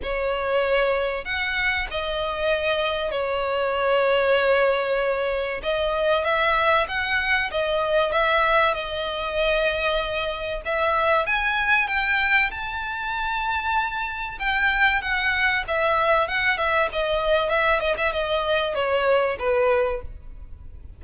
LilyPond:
\new Staff \with { instrumentName = "violin" } { \time 4/4 \tempo 4 = 96 cis''2 fis''4 dis''4~ | dis''4 cis''2.~ | cis''4 dis''4 e''4 fis''4 | dis''4 e''4 dis''2~ |
dis''4 e''4 gis''4 g''4 | a''2. g''4 | fis''4 e''4 fis''8 e''8 dis''4 | e''8 dis''16 e''16 dis''4 cis''4 b'4 | }